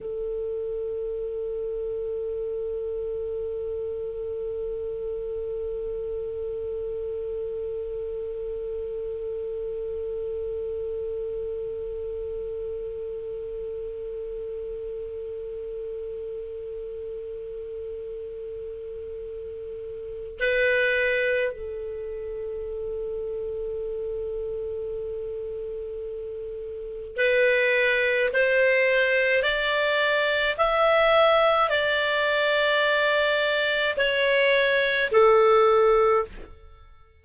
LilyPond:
\new Staff \with { instrumentName = "clarinet" } { \time 4/4 \tempo 4 = 53 a'1~ | a'1~ | a'1~ | a'1~ |
a'2 b'4 a'4~ | a'1 | b'4 c''4 d''4 e''4 | d''2 cis''4 a'4 | }